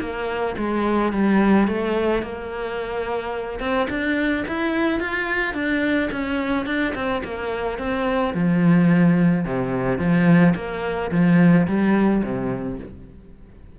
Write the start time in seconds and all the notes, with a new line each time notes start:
0.00 A#3
0.58 G#3
1.12 G3
1.68 A3
2.23 A#3
3.60 C4
3.89 D4
4.48 E4
5.00 F4
5.54 D4
6.12 C#4
6.66 D4
6.95 C4
7.24 A#3
7.79 C4
8.34 F3
9.45 C3
9.98 F3
10.56 A#3
11.11 F3
11.67 G3
12.23 C3